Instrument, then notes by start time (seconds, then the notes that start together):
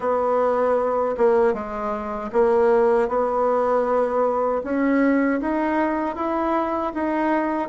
bassoon
0.00 B3
1.17 A#3
1.53 G#3
2.32 A#3
3.08 B3
4.63 C#4
5.40 D#4
6.15 E4
6.94 D#4